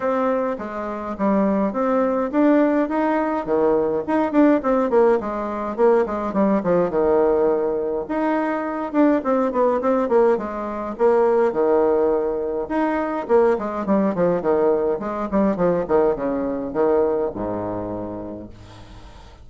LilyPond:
\new Staff \with { instrumentName = "bassoon" } { \time 4/4 \tempo 4 = 104 c'4 gis4 g4 c'4 | d'4 dis'4 dis4 dis'8 d'8 | c'8 ais8 gis4 ais8 gis8 g8 f8 | dis2 dis'4. d'8 |
c'8 b8 c'8 ais8 gis4 ais4 | dis2 dis'4 ais8 gis8 | g8 f8 dis4 gis8 g8 f8 dis8 | cis4 dis4 gis,2 | }